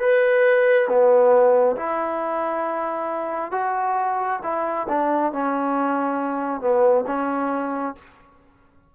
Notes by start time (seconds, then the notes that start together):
0.00 B4
0.88 B3
1.76 E4
3.52 F#4
4.43 E4
4.89 D4
5.33 C#4
6.61 B3
7.07 C#4